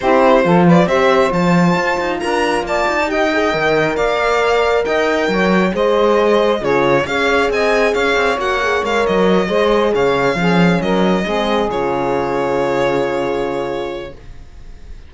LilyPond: <<
  \new Staff \with { instrumentName = "violin" } { \time 4/4 \tempo 4 = 136 c''4. d''8 e''4 a''4~ | a''4 ais''4 a''4 g''4~ | g''4 f''2 g''4~ | g''4 dis''2 cis''4 |
f''4 gis''4 f''4 fis''4 | f''8 dis''2 f''4.~ | f''8 dis''2 cis''4.~ | cis''1 | }
  \new Staff \with { instrumentName = "saxophone" } { \time 4/4 g'4 a'8 b'8 c''2~ | c''4 ais'4 d''4 dis''4~ | dis''4 d''2 dis''4 | cis''4 c''2 gis'4 |
cis''4 dis''4 cis''2~ | cis''4. c''4 cis''4 gis'8~ | gis'8 ais'4 gis'2~ gis'8~ | gis'1 | }
  \new Staff \with { instrumentName = "horn" } { \time 4/4 e'4 f'4 g'4 f'4~ | f'2. g'8 gis'8 | ais'1~ | ais'4 gis'2 f'4 |
gis'2. fis'8 gis'8 | ais'4. gis'2 cis'8~ | cis'4. c'4 f'4.~ | f'1 | }
  \new Staff \with { instrumentName = "cello" } { \time 4/4 c'4 f4 c'4 f4 | f'8 dis'8 d'4 ais8 dis'4. | dis4 ais2 dis'4 | fis4 gis2 cis4 |
cis'4 c'4 cis'8 c'8 ais4 | gis8 fis4 gis4 cis4 f8~ | f8 fis4 gis4 cis4.~ | cis1 | }
>>